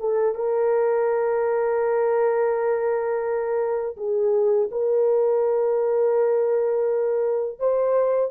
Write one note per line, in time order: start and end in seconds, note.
0.00 0.35 A4
0.35 3.96 A#4
3.97 4.69 G#4
4.71 7.59 A#4
7.59 8.31 C5